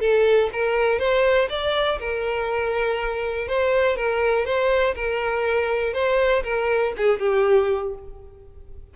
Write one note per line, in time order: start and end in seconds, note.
0.00 0.50 A4
0.53 0.99 A#4
0.99 1.48 C5
1.49 1.99 D5
1.99 3.48 A#4
3.48 3.96 C5
3.96 4.45 A#4
4.45 4.95 C5
4.95 5.93 A#4
5.93 6.43 C5
6.43 6.93 A#4
6.97 7.19 G#4
7.19 7.93 G4